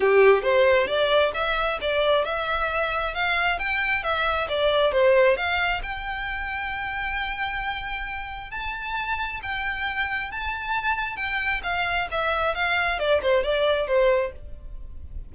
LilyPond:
\new Staff \with { instrumentName = "violin" } { \time 4/4 \tempo 4 = 134 g'4 c''4 d''4 e''4 | d''4 e''2 f''4 | g''4 e''4 d''4 c''4 | f''4 g''2.~ |
g''2. a''4~ | a''4 g''2 a''4~ | a''4 g''4 f''4 e''4 | f''4 d''8 c''8 d''4 c''4 | }